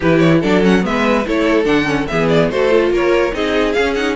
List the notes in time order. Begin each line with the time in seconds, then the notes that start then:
0.00 E3 E4 G4 B4
0.19 C#5
0.40 F#3 D4 A4 D5
0.62 C#4 F#5
0.81 G#3 B3 B4 E5
1.26 A3 E4 A4 C#5
1.64 D3 D4 F#5
1.85 C#4
2.07 E3 B3 G#4 E5
2.28 D5
2.50 A3 F#4 A4 C5
2.69 F4
2.90 A#3 A#4 C#5
3.32 C4 D#4 G#4 D#5
3.72 C#4 F5
3.94 D#4 F#5